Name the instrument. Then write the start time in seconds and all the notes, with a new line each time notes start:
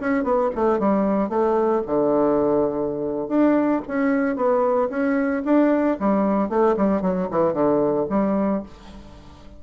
bassoon
0.00 C#4
0.23 B3
0.55 A3
0.79 G3
1.29 A3
1.86 D3
3.28 D4
3.87 C#4
4.36 B3
4.90 C#4
5.44 D4
6.00 G3
6.49 A3
6.77 G3
7.01 F#3
7.31 E3
7.53 D3
8.10 G3